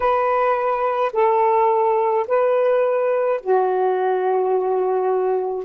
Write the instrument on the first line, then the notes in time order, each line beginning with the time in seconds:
saxophone
0.00 B4
1.12 A4
2.27 B4
3.41 F#4